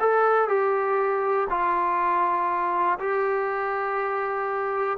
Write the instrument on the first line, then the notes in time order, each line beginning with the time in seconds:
trombone
0.00 A4
0.48 G4
1.50 F4
3.00 G4